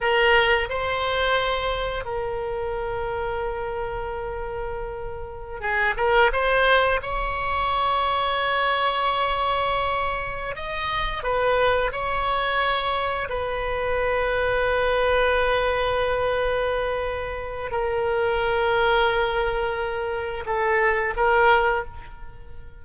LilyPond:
\new Staff \with { instrumentName = "oboe" } { \time 4/4 \tempo 4 = 88 ais'4 c''2 ais'4~ | ais'1~ | ais'16 gis'8 ais'8 c''4 cis''4.~ cis''16~ | cis''2.~ cis''8 dis''8~ |
dis''8 b'4 cis''2 b'8~ | b'1~ | b'2 ais'2~ | ais'2 a'4 ais'4 | }